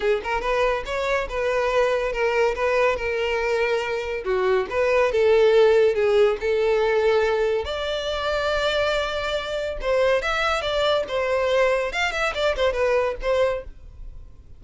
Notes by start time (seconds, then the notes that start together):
0.00 G#4
0.23 A#4
0.41 B4
0.85 C#5
1.29 B4
2.12 A#4
2.55 B4
2.96 A#4
4.24 F#4
4.69 B4
5.12 A4
5.94 G#4
6.40 A4
7.65 D5
9.81 C5
10.22 E5
10.61 D5
11.08 C5
11.92 F5
12.12 E5
12.34 D5
12.56 C5
12.72 B4
13.21 C5